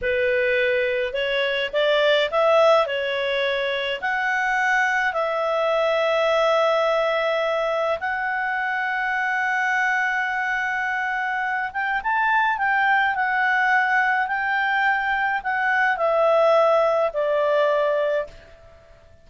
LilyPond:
\new Staff \with { instrumentName = "clarinet" } { \time 4/4 \tempo 4 = 105 b'2 cis''4 d''4 | e''4 cis''2 fis''4~ | fis''4 e''2.~ | e''2 fis''2~ |
fis''1~ | fis''8 g''8 a''4 g''4 fis''4~ | fis''4 g''2 fis''4 | e''2 d''2 | }